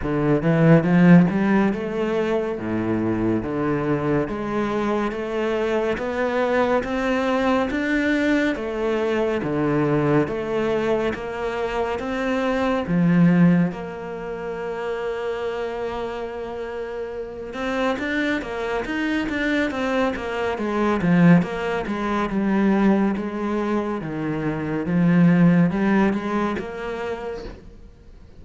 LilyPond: \new Staff \with { instrumentName = "cello" } { \time 4/4 \tempo 4 = 70 d8 e8 f8 g8 a4 a,4 | d4 gis4 a4 b4 | c'4 d'4 a4 d4 | a4 ais4 c'4 f4 |
ais1~ | ais8 c'8 d'8 ais8 dis'8 d'8 c'8 ais8 | gis8 f8 ais8 gis8 g4 gis4 | dis4 f4 g8 gis8 ais4 | }